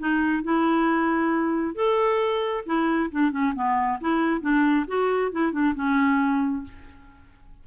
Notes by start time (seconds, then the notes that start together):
0.00 D#4
0.44 E4
1.76 A4
2.66 E4
3.12 D4
3.32 C#4
3.55 B3
4.01 E4
4.42 D4
4.88 F#4
5.32 E4
5.53 D4
5.75 C#4